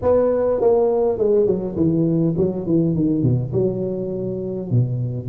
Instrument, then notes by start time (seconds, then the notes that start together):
tuba
0.02 B3
0.60 A#3
1.18 G#3
1.46 F#3
1.76 E3
2.37 F#3
2.66 E3
2.95 D#3
3.22 B2
3.53 F#3
4.70 B2